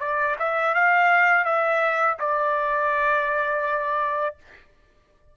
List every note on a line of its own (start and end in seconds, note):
0.00 0.36 D5
0.40 0.75 E5
0.75 1.45 F5
1.45 2.18 E5
2.19 4.36 D5